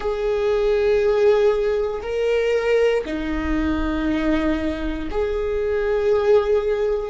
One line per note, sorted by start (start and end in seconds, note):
0.00 2.01 G#4
2.02 3.04 A#4
3.05 5.08 D#4
5.10 7.10 G#4